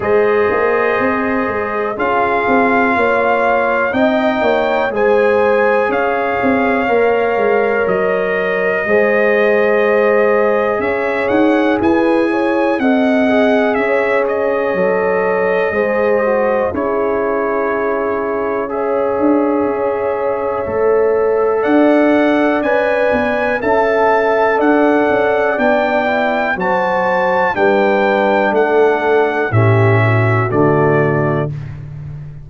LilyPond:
<<
  \new Staff \with { instrumentName = "trumpet" } { \time 4/4 \tempo 4 = 61 dis''2 f''2 | g''4 gis''4 f''2 | dis''2. e''8 fis''8 | gis''4 fis''4 e''8 dis''4.~ |
dis''4 cis''2 e''4~ | e''2 fis''4 gis''4 | a''4 fis''4 g''4 a''4 | g''4 fis''4 e''4 d''4 | }
  \new Staff \with { instrumentName = "horn" } { \time 4/4 c''2 gis'4 cis''4 | dis''8 cis''8 c''4 cis''2~ | cis''4 c''2 cis''4 | b'8 cis''8 dis''4 cis''2 |
c''4 gis'2 cis''4~ | cis''2 d''2 | e''4 d''2 c''4 | b'4 a'4 g'8 fis'4. | }
  \new Staff \with { instrumentName = "trombone" } { \time 4/4 gis'2 f'2 | dis'4 gis'2 ais'4~ | ais'4 gis'2.~ | gis'4 a'8 gis'4. a'4 |
gis'8 fis'8 e'2 gis'4~ | gis'4 a'2 b'4 | a'2 d'8 e'8 fis'4 | d'2 cis'4 a4 | }
  \new Staff \with { instrumentName = "tuba" } { \time 4/4 gis8 ais8 c'8 gis8 cis'8 c'8 ais4 | c'8 ais8 gis4 cis'8 c'8 ais8 gis8 | fis4 gis2 cis'8 dis'8 | e'4 c'4 cis'4 fis4 |
gis4 cis'2~ cis'8 d'8 | cis'4 a4 d'4 cis'8 b8 | cis'4 d'8 cis'8 b4 fis4 | g4 a4 a,4 d4 | }
>>